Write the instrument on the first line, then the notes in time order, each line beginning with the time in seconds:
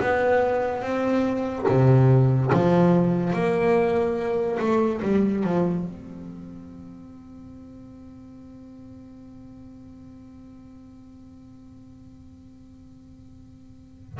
double bass
0.00 B3
0.82 C4
1.68 C3
2.53 F3
3.33 A#3
4.59 A3
5.02 G3
5.44 F3
5.85 C4